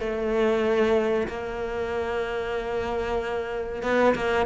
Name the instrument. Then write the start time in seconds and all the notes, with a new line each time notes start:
cello
0.00 A3
1.28 A#3
3.83 B3
4.15 A#3